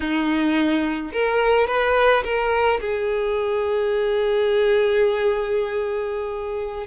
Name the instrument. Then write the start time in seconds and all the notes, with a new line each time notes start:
violin
0.00 D#4
1.12 A#4
1.67 B4
2.24 A#4
2.80 G#4